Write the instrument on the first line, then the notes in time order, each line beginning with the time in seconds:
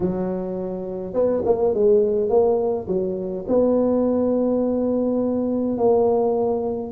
tuba
0.00 F#3
1.13 B3
1.45 A#3
1.74 G#3
2.29 A#3
2.87 F#3
3.47 B3
5.77 A#3